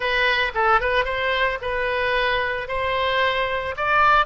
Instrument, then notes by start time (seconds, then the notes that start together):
oboe
0.00 B4
0.54 A4
0.80 B4
1.04 C5
1.61 B4
2.68 C5
3.76 D5